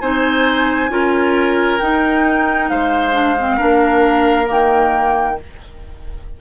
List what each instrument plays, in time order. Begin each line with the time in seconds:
0.00 bassoon C4, clarinet D#4, oboe C5, flute G#5
0.89 bassoon C#4, clarinet F4, oboe A#4
1.79 clarinet D#4, bassoon D#4, flute G5
2.69 bassoon G#3, oboe C5, flute F5
3.13 clarinet D4
3.39 clarinet C4
3.57 bassoon A#3, clarinet D4, oboe A#4
4.46 bassoon D#3, clarinet A#3, flute G5